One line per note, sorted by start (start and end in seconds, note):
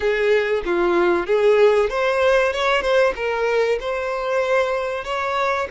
0.00 0.62 G#4
0.65 1.26 F4
1.26 1.89 G#4
1.89 2.52 C5
2.52 2.81 C#5
2.81 3.13 C5
3.15 3.78 A#4
3.80 5.04 C5
5.04 5.67 C#5